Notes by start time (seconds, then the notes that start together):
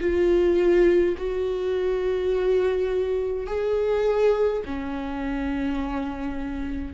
0.00 F4
1.17 F#4
3.47 G#4
4.65 C#4